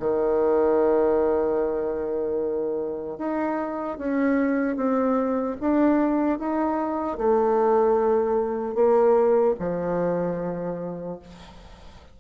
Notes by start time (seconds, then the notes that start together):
0.00 D#3
3.19 D#4
3.99 C#4
4.77 C4
5.61 D4
6.39 D#4
7.18 A3
8.75 A#3
9.60 F3